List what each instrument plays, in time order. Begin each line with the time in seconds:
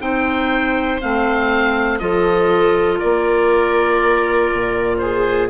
0.00 bassoon C4, clarinet D#4, viola C5, oboe G5
1.01 bassoon A3, clarinet C4, oboe F5
1.99 bassoon F3, clarinet F4, viola A4, oboe D#5
2.99 bassoon A#3, viola A#4, oboe D5
4.53 bassoon A#2
4.98 viola G#4, oboe C5